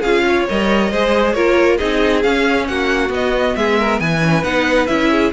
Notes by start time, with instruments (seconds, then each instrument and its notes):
0.00 cello C#4, viola F4, violin G#4 F5
0.28 violin C#5
0.48 cello G3, viola A#4, violin D#5
0.91 cello G#3, viola G#4, violin C5
1.32 cello A#3, viola F4, violin A#4 C#5
1.77 cello C4, viola D#4, violin G#4 D#5
2.22 viola C#4, cello C#4, violin F5
2.67 cello A#3, violin F#4 F#5
3.08 viola B3, cello B3, violin D#5
3.56 cello G#3, violin G#4 E5
3.78 violin A#4
3.99 cello E3, violin B4 G#5
4.21 viola C#4
4.43 cello B3, viola D#4, violin F#5
4.86 cello C#4, viola E4, violin E5
5.10 violin G#4